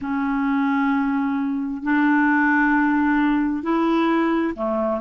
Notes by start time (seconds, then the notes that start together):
0.01 C#4
1.83 D4
3.62 E4
4.55 A3